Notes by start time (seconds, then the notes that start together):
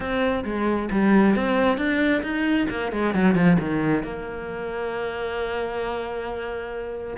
0.00 C4
0.44 G#3
0.91 G3
1.35 C4
1.77 D4
2.22 D#4
2.69 A#3
2.92 G#3
3.14 F#3
3.34 F3
3.59 D#3
4.03 A#3